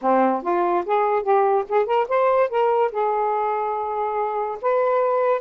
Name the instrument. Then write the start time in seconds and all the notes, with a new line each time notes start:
saxophone
0.01 C4
0.42 F4
0.85 G#4
1.23 G4
1.69 G#4
1.85 A#4
2.08 C5
2.49 A#4
2.91 G#4
4.61 B4